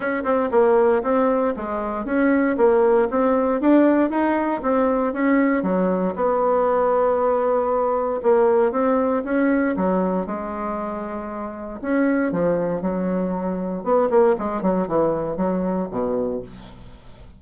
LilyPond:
\new Staff \with { instrumentName = "bassoon" } { \time 4/4 \tempo 4 = 117 cis'8 c'8 ais4 c'4 gis4 | cis'4 ais4 c'4 d'4 | dis'4 c'4 cis'4 fis4 | b1 |
ais4 c'4 cis'4 fis4 | gis2. cis'4 | f4 fis2 b8 ais8 | gis8 fis8 e4 fis4 b,4 | }